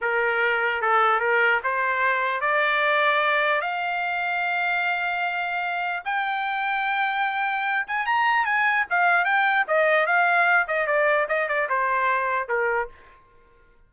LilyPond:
\new Staff \with { instrumentName = "trumpet" } { \time 4/4 \tempo 4 = 149 ais'2 a'4 ais'4 | c''2 d''2~ | d''4 f''2.~ | f''2. g''4~ |
g''2.~ g''8 gis''8 | ais''4 gis''4 f''4 g''4 | dis''4 f''4. dis''8 d''4 | dis''8 d''8 c''2 ais'4 | }